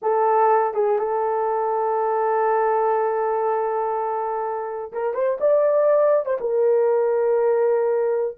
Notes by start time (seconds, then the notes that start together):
0.01 A4
0.74 G#4
0.98 A4
4.92 A#4
5.13 C5
5.40 D5
6.25 C5
6.40 A#4